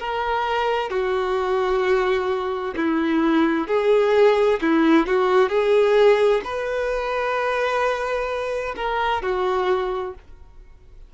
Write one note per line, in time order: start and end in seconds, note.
0.00 0.90 A#4
0.90 2.75 F#4
2.77 3.68 E4
3.68 4.60 G#4
4.62 5.07 E4
5.07 5.50 F#4
5.50 6.42 G#4
6.45 8.76 B4
8.77 9.23 A#4
9.23 10.15 F#4